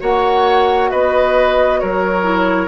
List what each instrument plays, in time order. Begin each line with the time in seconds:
0.00 bassoon A#3, clarinet F#4, oboe C#5, flute F#5
0.91 bassoon B3, oboe B4, flute D#5
1.80 bassoon F#3, oboe A#4, flute C#5
2.24 clarinet E4